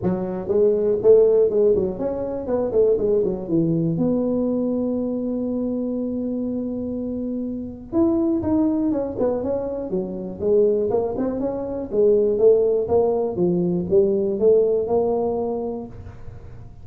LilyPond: \new Staff \with { instrumentName = "tuba" } { \time 4/4 \tempo 4 = 121 fis4 gis4 a4 gis8 fis8 | cis'4 b8 a8 gis8 fis8 e4 | b1~ | b1 |
e'4 dis'4 cis'8 b8 cis'4 | fis4 gis4 ais8 c'8 cis'4 | gis4 a4 ais4 f4 | g4 a4 ais2 | }